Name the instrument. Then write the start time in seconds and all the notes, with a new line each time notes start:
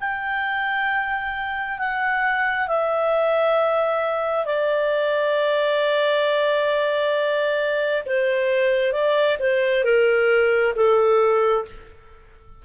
clarinet
0.00 G5
1.78 F#5
2.67 E5
4.45 D5
8.06 C5
8.92 D5
9.39 C5
9.84 A#4
10.75 A4